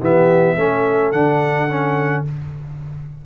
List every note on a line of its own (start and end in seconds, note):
0.00 0.56 E3
0.00 0.57 B3
0.00 0.57 G4
0.00 1.12 E5
0.56 1.12 A3
0.56 1.14 C#4
0.56 2.25 A4
1.12 2.24 D3
1.12 1.69 D4
1.12 2.24 F#5
1.69 2.25 C#4